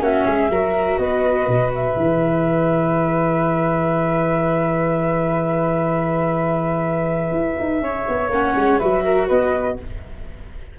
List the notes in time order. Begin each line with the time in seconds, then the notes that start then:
0.00 A#3 C#4 F#4 E5
0.25 G#3 G#4
0.49 F#3 F#4 A#4
0.98 B3 B4 D#5
1.47 B2
1.74 E5
1.96 E3 G#4
7.31 E4
7.59 D#4
7.81 C#4 C#5
8.08 B3
8.29 A#3 C#4 F#5
8.55 G#3
8.78 F#3 F#4 B4 E5
9.03 A#4
9.27 B3 B4 D#5